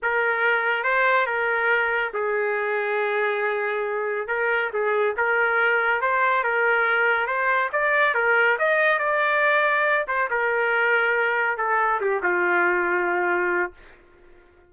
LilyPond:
\new Staff \with { instrumentName = "trumpet" } { \time 4/4 \tempo 4 = 140 ais'2 c''4 ais'4~ | ais'4 gis'2.~ | gis'2 ais'4 gis'4 | ais'2 c''4 ais'4~ |
ais'4 c''4 d''4 ais'4 | dis''4 d''2~ d''8 c''8 | ais'2. a'4 | g'8 f'2.~ f'8 | }